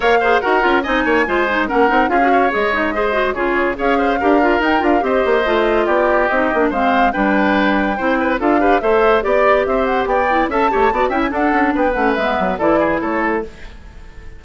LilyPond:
<<
  \new Staff \with { instrumentName = "flute" } { \time 4/4 \tempo 4 = 143 f''4 fis''4 gis''2 | fis''4 f''4 dis''2 | cis''4 f''2 g''8 f''8 | dis''2 d''4 dis''4 |
f''4 g''2. | f''4 e''4 d''4 e''8 fis''8 | g''4 a''4. g''16 gis''16 fis''4 | g''8 fis''8 e''4 d''4 cis''4 | }
  \new Staff \with { instrumentName = "oboe" } { \time 4/4 cis''8 c''8 ais'4 dis''8 cis''8 c''4 | ais'4 gis'8 cis''4. c''4 | gis'4 cis''8 c''8 ais'2 | c''2 g'2 |
c''4 b'2 c''8 b'8 | a'8 b'8 c''4 d''4 c''4 | d''4 e''8 cis''8 d''8 e''8 a'4 | b'2 a'8 gis'8 a'4 | }
  \new Staff \with { instrumentName = "clarinet" } { \time 4/4 ais'8 gis'8 fis'8 f'8 dis'4 f'8 dis'8 | cis'8 dis'8 f'16 fis'8. gis'8 dis'8 gis'8 fis'8 | f'4 gis'4 g'8 f'8 dis'8 f'8 | g'4 f'2 dis'8 d'8 |
c'4 d'2 e'4 | f'8 g'8 a'4 g'2~ | g'8 e'8 a'8 g'8 fis'8 e'8 d'4~ | d'8 cis'8 b4 e'2 | }
  \new Staff \with { instrumentName = "bassoon" } { \time 4/4 ais4 dis'8 cis'8 c'8 ais8 gis4 | ais8 c'8 cis'4 gis2 | cis4 cis'4 d'4 dis'8 d'8 | c'8 ais8 a4 b4 c'8 ais8 |
gis4 g2 c'4 | d'4 a4 b4 c'4 | b4 cis'8 a8 b8 cis'8 d'8 cis'8 | b8 a8 gis8 fis8 e4 a4 | }
>>